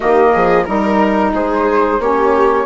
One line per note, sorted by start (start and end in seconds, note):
0.00 0.35 D#3
0.00 0.65 A#3
0.00 0.32 G4
0.00 0.64 D#5
0.33 0.68 F3
0.33 0.66 G#4
0.64 1.33 G3
0.64 1.99 D#4
0.64 1.31 A#4
0.64 1.33 A#4
1.33 1.99 G#3
1.33 2.00 G#4
1.33 2.01 C5
1.99 2.65 A#3
1.99 2.65 C#4
1.99 2.65 G4
1.99 2.65 C#5